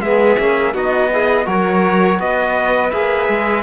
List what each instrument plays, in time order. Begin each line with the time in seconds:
0.00 cello G#3, trombone B3, violin G#4, trumpet E5
0.38 cello A#3, trombone C#4
0.74 cello B3, trombone D#4, violin F#4, trumpet D#5
1.13 trombone E4, violin G#4
1.45 cello F#3, trombone F#4, violin A#4, trumpet C#5
2.19 cello B3, violin B4, trumpet D#5
2.90 cello A#3, trombone G#4, trumpet E5
3.29 cello G#3